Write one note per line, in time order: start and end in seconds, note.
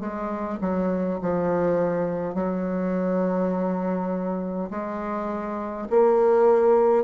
0.00 0.59 G#3
0.61 1.20 F#3
1.22 2.34 F3
2.34 4.70 F#3
4.71 5.88 G#3
5.90 7.04 A#3